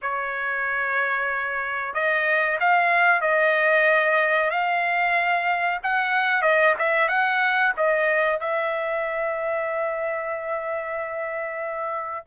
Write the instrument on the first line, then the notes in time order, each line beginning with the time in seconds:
trumpet
0.02 C#5
1.94 D#5
2.60 F5
3.21 D#5
4.50 F5
5.83 F#5
6.42 D#5
6.78 E5
7.08 F#5
7.77 D#5
8.40 E5